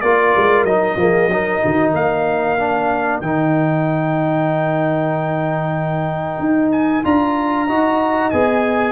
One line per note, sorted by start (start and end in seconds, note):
0.00 0.34 A#3
0.00 0.67 F4
0.00 0.98 A#4
0.00 0.64 D5
0.36 0.64 G#3
0.64 0.95 F#3
0.64 0.98 D#4
0.64 1.92 D#5
0.96 1.27 F3
0.96 1.30 A#3
0.96 1.32 G#4
1.27 1.59 F#3
1.27 2.58 D#4
1.27 1.63 A#4
1.63 1.93 D#3
1.63 1.93 F#4
1.93 3.21 A#3
1.93 7.66 A#4
1.93 3.20 F5
2.58 3.22 D4
3.20 6.39 D#3
3.20 7.04 D#4
3.20 6.71 G5
6.39 7.03 D#4
6.71 7.03 G#5
7.04 7.68 D4
7.04 7.67 F4
7.04 8.30 A#5
7.66 8.32 D#4
7.66 8.32 F#4
7.66 8.92 D#5
8.30 8.92 B3
8.30 8.92 G#4
8.30 8.92 G#5